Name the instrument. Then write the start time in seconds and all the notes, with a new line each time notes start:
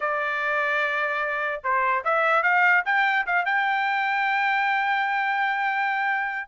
trumpet
0.00 D5
1.63 C5
2.04 E5
2.42 F5
2.85 G5
3.26 F5
3.45 G5